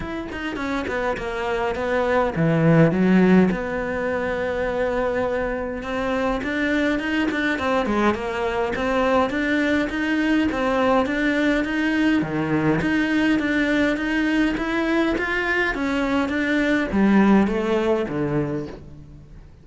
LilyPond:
\new Staff \with { instrumentName = "cello" } { \time 4/4 \tempo 4 = 103 e'8 dis'8 cis'8 b8 ais4 b4 | e4 fis4 b2~ | b2 c'4 d'4 | dis'8 d'8 c'8 gis8 ais4 c'4 |
d'4 dis'4 c'4 d'4 | dis'4 dis4 dis'4 d'4 | dis'4 e'4 f'4 cis'4 | d'4 g4 a4 d4 | }